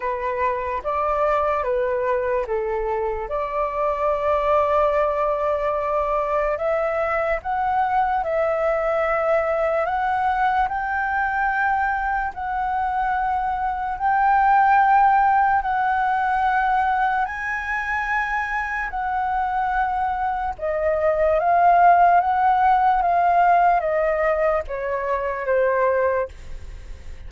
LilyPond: \new Staff \with { instrumentName = "flute" } { \time 4/4 \tempo 4 = 73 b'4 d''4 b'4 a'4 | d''1 | e''4 fis''4 e''2 | fis''4 g''2 fis''4~ |
fis''4 g''2 fis''4~ | fis''4 gis''2 fis''4~ | fis''4 dis''4 f''4 fis''4 | f''4 dis''4 cis''4 c''4 | }